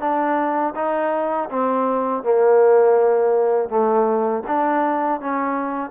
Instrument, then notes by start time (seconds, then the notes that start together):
trombone
0.00 D4
0.75 D#4
1.50 C4
2.23 A#3
3.69 A3
4.47 D4
5.21 C#4